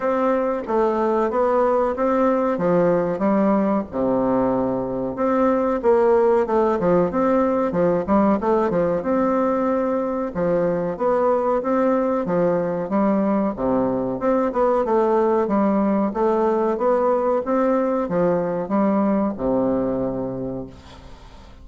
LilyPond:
\new Staff \with { instrumentName = "bassoon" } { \time 4/4 \tempo 4 = 93 c'4 a4 b4 c'4 | f4 g4 c2 | c'4 ais4 a8 f8 c'4 | f8 g8 a8 f8 c'2 |
f4 b4 c'4 f4 | g4 c4 c'8 b8 a4 | g4 a4 b4 c'4 | f4 g4 c2 | }